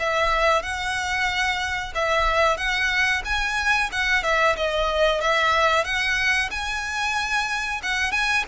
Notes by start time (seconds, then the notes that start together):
0.00 E5
0.63 F#5
1.95 E5
2.58 F#5
3.25 G#5
3.92 F#5
4.24 E5
4.57 D#5
5.21 E5
5.85 F#5
6.52 G#5
7.83 F#5
8.12 G#5